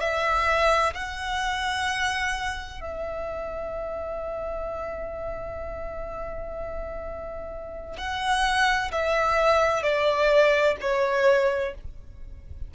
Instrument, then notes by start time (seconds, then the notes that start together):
violin
0.00 E5
0.94 F#5
2.80 E5
7.97 F#5
8.91 E5
9.83 D5
10.81 C#5